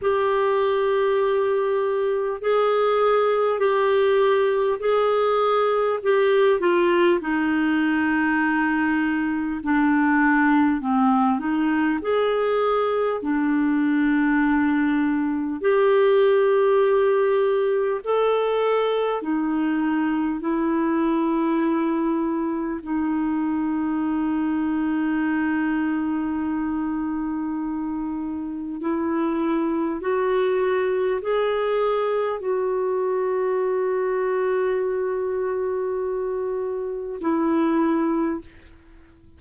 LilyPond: \new Staff \with { instrumentName = "clarinet" } { \time 4/4 \tempo 4 = 50 g'2 gis'4 g'4 | gis'4 g'8 f'8 dis'2 | d'4 c'8 dis'8 gis'4 d'4~ | d'4 g'2 a'4 |
dis'4 e'2 dis'4~ | dis'1 | e'4 fis'4 gis'4 fis'4~ | fis'2. e'4 | }